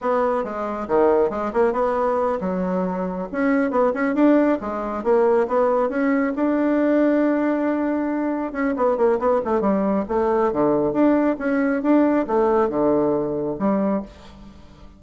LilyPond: \new Staff \with { instrumentName = "bassoon" } { \time 4/4 \tempo 4 = 137 b4 gis4 dis4 gis8 ais8 | b4. fis2 cis'8~ | cis'8 b8 cis'8 d'4 gis4 ais8~ | ais8 b4 cis'4 d'4.~ |
d'2.~ d'8 cis'8 | b8 ais8 b8 a8 g4 a4 | d4 d'4 cis'4 d'4 | a4 d2 g4 | }